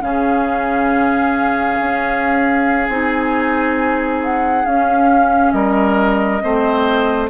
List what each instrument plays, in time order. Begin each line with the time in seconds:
0.00 bassoon C#3, clarinet C#4, oboe G#4, flute F5
1.80 bassoon C#4
2.88 bassoon C4, clarinet D#4, flute G#5
4.23 flute F#5
4.65 clarinet C#4, bassoon C#4, flute F5
5.51 bassoon G3, oboe A#4, flute D#5
6.41 bassoon A3, clarinet C4, oboe C5